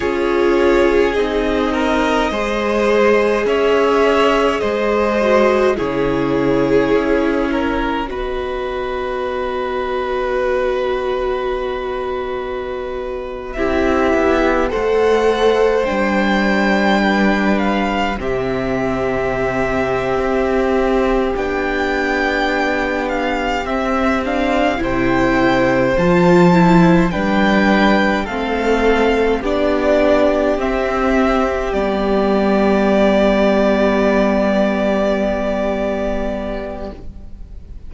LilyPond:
<<
  \new Staff \with { instrumentName = "violin" } { \time 4/4 \tempo 4 = 52 cis''4 dis''2 e''4 | dis''4 cis''2 dis''4~ | dis''2.~ dis''8. e''16~ | e''8. fis''4 g''4. f''8 e''16~ |
e''2~ e''8 g''4. | f''8 e''8 f''8 g''4 a''4 g''8~ | g''8 f''4 d''4 e''4 d''8~ | d''1 | }
  \new Staff \with { instrumentName = "violin" } { \time 4/4 gis'4. ais'8 c''4 cis''4 | c''4 gis'4. ais'8 b'4~ | b'2.~ b'8. g'16~ | g'8. c''2 b'4 g'16~ |
g'1~ | g'4. c''2 b'8~ | b'8 a'4 g'2~ g'8~ | g'1 | }
  \new Staff \with { instrumentName = "viola" } { \time 4/4 f'4 dis'4 gis'2~ | gis'8 fis'8 e'2 fis'4~ | fis'2.~ fis'8. e'16~ | e'8. a'4 d'2 c'16~ |
c'2~ c'8 d'4.~ | d'8 c'8 d'8 e'4 f'8 e'8 d'8~ | d'8 c'4 d'4 c'4 b8~ | b1 | }
  \new Staff \with { instrumentName = "cello" } { \time 4/4 cis'4 c'4 gis4 cis'4 | gis4 cis4 cis'4 b4~ | b2.~ b8. c'16~ | c'16 b8 a4 g2 c16~ |
c4. c'4 b4.~ | b8 c'4 c4 f4 g8~ | g8 a4 b4 c'4 g8~ | g1 | }
>>